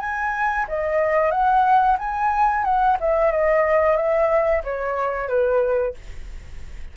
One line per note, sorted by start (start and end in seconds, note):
0.00 0.66 G#5
0.69 1.31 D#5
1.31 1.97 F#5
1.99 2.64 G#5
2.64 2.97 F#5
3.00 3.31 E5
3.31 3.97 D#5
3.97 4.63 E5
4.64 5.28 C#5
5.28 5.94 B4